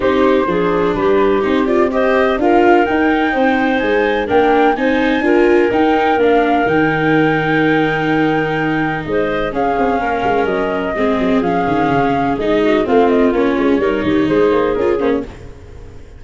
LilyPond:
<<
  \new Staff \with { instrumentName = "flute" } { \time 4/4 \tempo 4 = 126 c''2 b'4 c''8 d''8 | dis''4 f''4 g''2 | gis''4 g''4 gis''2 | g''4 f''4 g''2~ |
g''2. dis''4 | f''2 dis''2 | f''2 dis''4 f''8 dis''8 | cis''2 c''4 ais'8 c''16 cis''16 | }
  \new Staff \with { instrumentName = "clarinet" } { \time 4/4 g'4 gis'4 g'2 | c''4 ais'2 c''4~ | c''4 ais'4 c''4 ais'4~ | ais'1~ |
ais'2. c''4 | gis'4 ais'2 gis'4~ | gis'2~ gis'8 fis'8 f'4~ | f'4 ais'8 g'8 gis'2 | }
  \new Staff \with { instrumentName = "viola" } { \time 4/4 dis'4 d'2 dis'8 f'8 | g'4 f'4 dis'2~ | dis'4 d'4 dis'4 f'4 | dis'4 d'4 dis'2~ |
dis'1 | cis'2. c'4 | cis'2 dis'4 c'4 | cis'4 dis'2 f'8 cis'8 | }
  \new Staff \with { instrumentName = "tuba" } { \time 4/4 c'4 f4 g4 c'4~ | c'4 d'4 dis'4 c'4 | gis4 ais4 c'4 d'4 | dis'4 ais4 dis2~ |
dis2. gis4 | cis'8 c'8 ais8 gis8 fis4 gis8 fis8 | f8 dis8 cis4 gis4 a4 | ais8 gis8 g8 dis8 gis8 ais8 cis'8 ais8 | }
>>